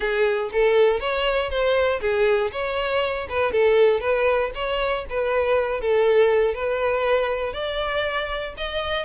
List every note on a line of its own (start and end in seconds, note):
0.00 0.50 G#4
0.52 1.00 A4
1.00 1.50 C#5
1.50 2.00 C5
2.01 2.51 G#4
2.51 3.27 C#5
3.29 3.52 B4
3.52 4.00 A4
4.00 4.50 B4
4.54 5.05 C#5
5.09 5.80 B4
5.80 6.54 A4
6.54 7.53 B4
7.53 8.53 D5
8.57 9.05 D#5